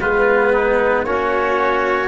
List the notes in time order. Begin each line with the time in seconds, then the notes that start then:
0.00 G#3 B3 F4 B4
0.52 D#4
1.04 A#3 C#4 F#4 C#5